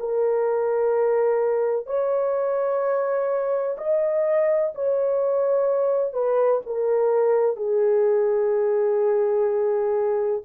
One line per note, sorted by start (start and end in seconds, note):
0.00 1.86 A#4
1.86 3.77 C#5
3.78 4.73 D#5
4.75 6.13 C#5
6.13 6.61 B4
6.66 7.56 A#4
7.56 10.42 G#4